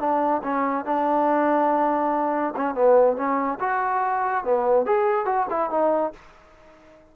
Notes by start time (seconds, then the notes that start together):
0.00 D4
0.43 C#4
0.85 D4
2.57 C#4
2.75 B3
3.17 C#4
3.60 F#4
4.44 B3
4.86 G#4
5.26 F#4
5.50 E4
5.71 D#4